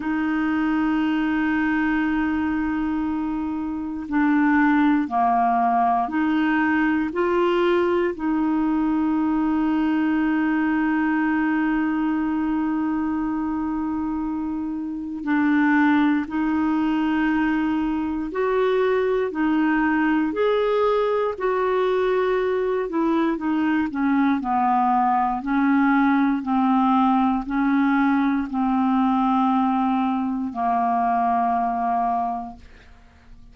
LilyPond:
\new Staff \with { instrumentName = "clarinet" } { \time 4/4 \tempo 4 = 59 dis'1 | d'4 ais4 dis'4 f'4 | dis'1~ | dis'2. d'4 |
dis'2 fis'4 dis'4 | gis'4 fis'4. e'8 dis'8 cis'8 | b4 cis'4 c'4 cis'4 | c'2 ais2 | }